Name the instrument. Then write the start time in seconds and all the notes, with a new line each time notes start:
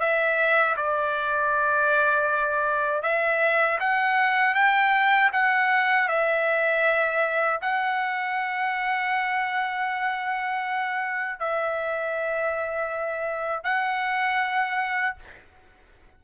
trumpet
0.00 E5
0.77 D5
3.03 E5
3.80 F#5
4.55 G5
5.33 F#5
6.09 E5
7.62 F#5
11.40 E5
13.64 F#5